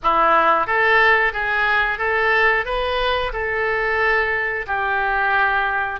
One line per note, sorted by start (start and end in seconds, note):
0.02 0.67 E4
0.67 1.32 A4
1.32 1.98 G#4
1.98 2.65 A4
2.65 3.32 B4
3.32 4.65 A4
4.66 5.99 G4